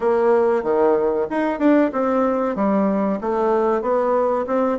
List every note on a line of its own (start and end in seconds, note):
0.00 0.63 A#3
0.63 1.27 D#3
1.30 1.59 D#4
1.59 1.91 D4
1.92 2.55 C4
2.55 3.19 G3
3.20 3.81 A3
3.81 4.45 B3
4.47 4.78 C4